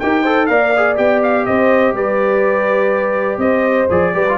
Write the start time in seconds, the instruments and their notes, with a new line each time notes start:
0.00 tuba D#4, trombone G4, horn A#4, trumpet G5
0.23 trombone A4, horn C5
0.47 tuba A#3, trombone A#4, horn D5, trumpet F5
0.77 trombone G#4
0.96 tuba B3, trombone G4, trumpet G5
1.24 trumpet F5
1.46 tuba C4, horn C5, trumpet D#5
1.93 tuba G3, horn B4, trumpet D5
3.38 tuba C4, horn C5, trumpet D#5
3.91 tuba F3, trombone G#4, trumpet D5
4.14 tuba G3, trombone G4, horn B4
4.29 trombone F4